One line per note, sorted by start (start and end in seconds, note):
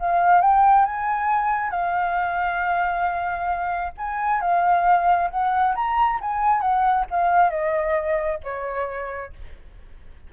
0.00 0.42 F5
0.42 0.86 G5
0.86 1.71 G#5
1.71 3.93 F5
3.98 4.41 G#5
4.41 5.30 F5
5.31 5.76 F#5
5.76 6.20 A#5
6.21 6.61 G#5
6.61 7.06 F#5
7.11 7.51 F5
7.51 8.39 D#5
8.44 9.33 C#5